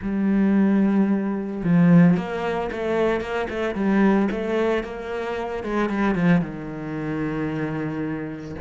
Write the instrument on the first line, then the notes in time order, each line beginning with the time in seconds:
cello
0.02 G3
1.63 F3
2.16 A#3
2.71 A3
3.20 A#3
3.49 A3
3.75 G3
4.31 A3
4.83 A#3
5.63 G#3
5.89 G3
6.15 F3
6.41 D#3